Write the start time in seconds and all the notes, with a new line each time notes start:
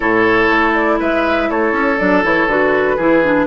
0.00 A2 E4 A4 C#5
0.49 A3
0.74 D5
0.99 G#3 B4 E5
1.49 A3 A4 C#5
1.72 C#4
1.98 F#3 D4 D5
2.23 E3 E4 C#5
2.46 D3 F#4 B4
2.96 E3 E4 G#4
3.23 D4